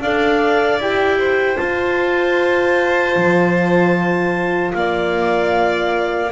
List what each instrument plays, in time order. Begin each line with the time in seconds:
0.00 double bass D4, horn A4, violin D5, clarinet F5
0.79 double bass E4, horn G4, clarinet G5
1.18 violin C5
1.57 horn F4, double bass F4, clarinet A5
3.16 double bass F3
4.74 double bass A#3, violin D5, clarinet F5